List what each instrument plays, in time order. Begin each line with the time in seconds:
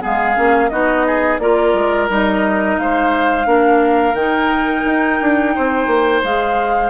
0.00 bassoon G#3, clarinet B3, oboe G#4, flute F5
0.35 bassoon A#3, clarinet C#4
0.69 bassoon B3, clarinet D#4, oboe F#4, flute D#5
1.06 oboe G#4
1.39 bassoon A#3, clarinet F4, oboe A#4, flute D5
1.74 bassoon G#3
2.09 bassoon G3, clarinet D#4, flute D#5
2.78 bassoon G#3, oboe C5, flute F5
3.45 bassoon A#3, clarinet D4, oboe A#4
4.14 bassoon D#3, clarinet D#4, flute G5
4.85 bassoon D#4
5.21 bassoon D4
5.55 bassoon C4, oboe C5
5.87 bassoon A#3
6.24 bassoon G#3, clarinet G#4, flute F5